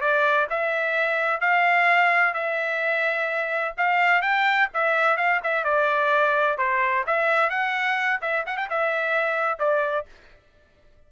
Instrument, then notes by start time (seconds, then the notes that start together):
trumpet
0.00 D5
0.49 E5
1.40 F5
2.34 E5
3.77 F5
4.21 G5
4.73 E5
5.17 F5
5.43 E5
5.64 D5
6.57 C5
7.07 E5
7.50 F#5
8.21 E5
8.46 F#5
8.57 G5
8.69 E5
9.59 D5